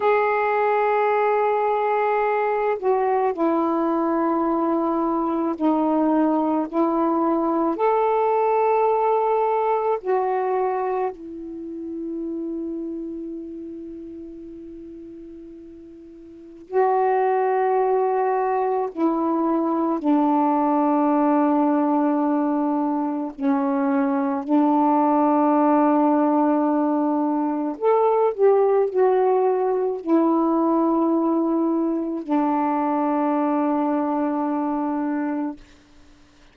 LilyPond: \new Staff \with { instrumentName = "saxophone" } { \time 4/4 \tempo 4 = 54 gis'2~ gis'8 fis'8 e'4~ | e'4 dis'4 e'4 a'4~ | a'4 fis'4 e'2~ | e'2. fis'4~ |
fis'4 e'4 d'2~ | d'4 cis'4 d'2~ | d'4 a'8 g'8 fis'4 e'4~ | e'4 d'2. | }